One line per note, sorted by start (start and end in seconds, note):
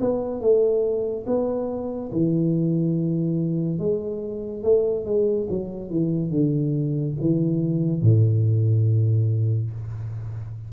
0.00 0.41 B3
0.41 1.25 A3
1.26 2.10 B3
2.12 3.79 E3
3.79 4.63 G#3
4.63 5.05 A3
5.05 5.47 G#3
5.49 5.90 F#3
5.90 6.30 E3
6.30 7.14 D3
7.20 8.02 E3
8.02 9.71 A2